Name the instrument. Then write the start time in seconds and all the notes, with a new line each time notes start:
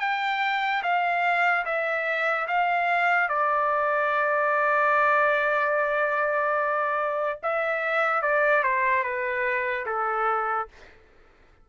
trumpet
0.00 G5
0.83 F5
1.65 E5
2.47 F5
3.29 D5
7.43 E5
8.22 D5
8.63 C5
9.03 B4
9.86 A4